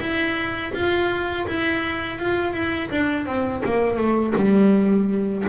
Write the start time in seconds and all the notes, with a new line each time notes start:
0.00 E4
0.73 F4
1.47 E4
2.19 F4
2.53 E4
2.91 D4
3.26 C4
3.65 A#3
3.97 A3
4.35 G3